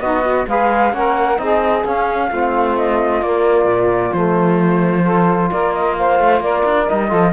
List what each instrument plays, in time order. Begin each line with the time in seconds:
0.00 cello B3, saxophone D#4, trombone F#4, flute D#5
0.23 saxophone F#4
0.47 cello G#3, trombone G#4, saxophone B4, flute F5
0.92 cello A#3, trombone C#4, saxophone A#4, flute F#5
1.37 cello C4, trombone D#4, saxophone G#4, flute D#5
1.84 cello C#4, trombone C#4, flute F5
2.28 cello A3, trombone C4, saxophone F4
2.77 flute D#5
3.22 cello A#3, trombone A#3, flute D5
3.65 cello A#2
4.13 cello F3, trombone A3, flute C5
5.03 trombone F4, saxophone A4
5.51 cello A#3, saxophone A#4, flute D5
5.73 flute D#5
5.97 saxophone C5, flute F5
6.19 cello A3
6.40 cello A#3, saxophone A#4, flute D5
6.65 cello D4
6.87 cello G3, trombone D#4, flute D#5
7.09 cello F3, trombone F4, saxophone A4